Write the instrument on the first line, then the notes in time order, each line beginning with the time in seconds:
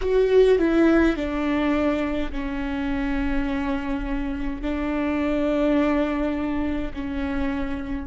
viola
0.01 F#4
0.58 E4
1.16 D4
2.32 C#4
4.62 D4
6.93 C#4